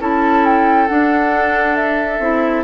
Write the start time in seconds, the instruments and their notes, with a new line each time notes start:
0.00 bassoon C#4, clarinet E4, oboe A4, flute A5
0.45 flute G5
0.88 clarinet D4, bassoon D4, flute F#5
1.76 flute E5
2.20 bassoon C4, clarinet E4